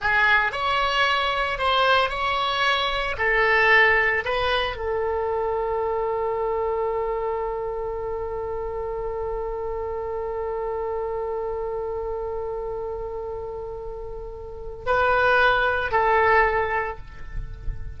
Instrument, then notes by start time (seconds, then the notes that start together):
oboe
0.01 G#4
0.52 C#5
1.58 C5
2.09 C#5
3.17 A4
4.25 B4
4.76 A4
14.86 B4
15.91 A4